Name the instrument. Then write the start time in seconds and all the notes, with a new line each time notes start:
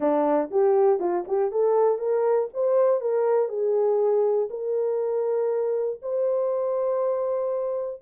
horn
0.00 D4
0.50 G4
0.99 F4
1.27 G4
1.51 A4
1.98 A#4
2.53 C5
3.00 A#4
3.49 G#4
4.50 A#4
6.02 C5